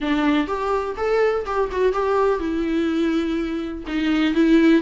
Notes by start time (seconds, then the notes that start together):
0.00 D4
0.47 G4
0.97 A4
1.45 G4
1.71 F#4
1.92 G4
2.39 E4
3.87 D#4
4.34 E4